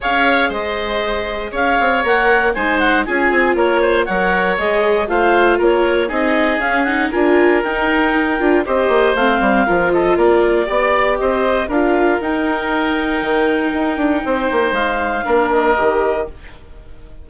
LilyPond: <<
  \new Staff \with { instrumentName = "clarinet" } { \time 4/4 \tempo 4 = 118 f''4 dis''2 f''4 | fis''4 gis''8 fis''8 gis''4 cis''4 | fis''4 dis''4 f''4 cis''4 | dis''4 f''8 fis''8 gis''4 g''4~ |
g''4 dis''4 f''4. dis''8 | d''2 dis''4 f''4 | g''1~ | g''4 f''4. dis''4. | }
  \new Staff \with { instrumentName = "oboe" } { \time 4/4 cis''4 c''2 cis''4~ | cis''4 c''4 gis'4 ais'8 c''8 | cis''2 c''4 ais'4 | gis'2 ais'2~ |
ais'4 c''2 ais'8 a'8 | ais'4 d''4 c''4 ais'4~ | ais'1 | c''2 ais'2 | }
  \new Staff \with { instrumentName = "viola" } { \time 4/4 gis'1 | ais'4 dis'4 f'2 | ais'4 gis'4 f'2 | dis'4 cis'8 dis'8 f'4 dis'4~ |
dis'8 f'8 g'4 c'4 f'4~ | f'4 g'2 f'4 | dis'1~ | dis'2 d'4 g'4 | }
  \new Staff \with { instrumentName = "bassoon" } { \time 4/4 cis'4 gis2 cis'8 c'8 | ais4 gis4 cis'8 c'8 ais4 | fis4 gis4 a4 ais4 | c'4 cis'4 d'4 dis'4~ |
dis'8 d'8 c'8 ais8 a8 g8 f4 | ais4 b4 c'4 d'4 | dis'2 dis4 dis'8 d'8 | c'8 ais8 gis4 ais4 dis4 | }
>>